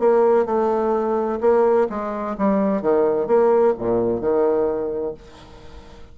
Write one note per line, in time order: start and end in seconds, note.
0.00 0.46 A#3
0.46 1.39 A3
1.41 1.87 A#3
1.90 2.37 G#3
2.38 2.82 G3
2.82 3.27 D#3
3.27 3.74 A#3
3.78 4.21 A#2
4.21 5.14 D#3